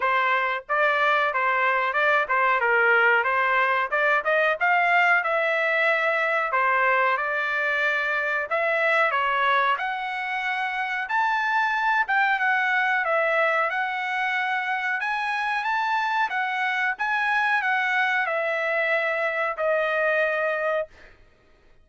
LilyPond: \new Staff \with { instrumentName = "trumpet" } { \time 4/4 \tempo 4 = 92 c''4 d''4 c''4 d''8 c''8 | ais'4 c''4 d''8 dis''8 f''4 | e''2 c''4 d''4~ | d''4 e''4 cis''4 fis''4~ |
fis''4 a''4. g''8 fis''4 | e''4 fis''2 gis''4 | a''4 fis''4 gis''4 fis''4 | e''2 dis''2 | }